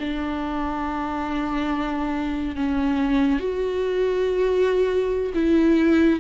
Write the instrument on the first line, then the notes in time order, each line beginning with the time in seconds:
viola
0.00 D4
2.56 C#4
3.40 F#4
5.35 E4